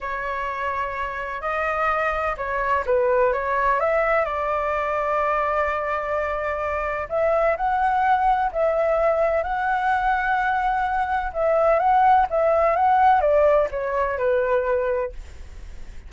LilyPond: \new Staff \with { instrumentName = "flute" } { \time 4/4 \tempo 4 = 127 cis''2. dis''4~ | dis''4 cis''4 b'4 cis''4 | e''4 d''2.~ | d''2. e''4 |
fis''2 e''2 | fis''1 | e''4 fis''4 e''4 fis''4 | d''4 cis''4 b'2 | }